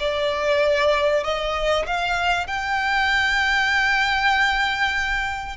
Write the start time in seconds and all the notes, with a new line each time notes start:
0.00 D5
1.24 D#5
1.86 F5
2.47 G5